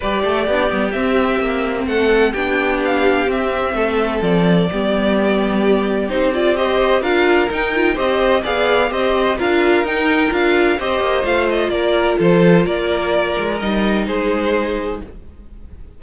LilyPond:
<<
  \new Staff \with { instrumentName = "violin" } { \time 4/4 \tempo 4 = 128 d''2 e''2 | fis''4 g''4 f''4 e''4~ | e''4 d''2.~ | d''4 c''8 d''8 dis''4 f''4 |
g''4 dis''4 f''4 dis''4 | f''4 g''4 f''4 dis''4 | f''8 dis''8 d''4 c''4 d''4~ | d''4 dis''4 c''2 | }
  \new Staff \with { instrumentName = "violin" } { \time 4/4 b'8 a'8 g'2. | a'4 g'2. | a'2 g'2~ | g'2 c''4 ais'4~ |
ais'4 c''4 d''4 c''4 | ais'2. c''4~ | c''4 ais'4 a'4 ais'4~ | ais'2 gis'2 | }
  \new Staff \with { instrumentName = "viola" } { \time 4/4 g'4 d'8 b8 c'2~ | c'4 d'2 c'4~ | c'2 b2~ | b4 dis'8 f'8 g'4 f'4 |
dis'8 f'8 g'4 gis'4 g'4 | f'4 dis'4 f'4 g'4 | f'1~ | f'4 dis'2. | }
  \new Staff \with { instrumentName = "cello" } { \time 4/4 g8 a8 b8 g8 c'4 ais4 | a4 b2 c'4 | a4 f4 g2~ | g4 c'2 d'4 |
dis'4 c'4 b4 c'4 | d'4 dis'4 d'4 c'8 ais8 | a4 ais4 f4 ais4~ | ais8 gis8 g4 gis2 | }
>>